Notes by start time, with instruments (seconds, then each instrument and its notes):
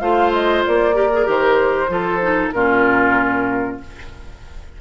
0.00 bassoon A3, clarinet F4, oboe C5, flute F5
0.33 flute D#5
0.66 bassoon A#3, flute D5
0.94 clarinet G4, oboe A#4
1.13 clarinet G#4
1.25 bassoon D#3, clarinet G4, flute C5
1.89 bassoon F3, clarinet F4, oboe A4
2.22 clarinet D#4
2.52 bassoon A#2, clarinet C#4, oboe F4, flute A#4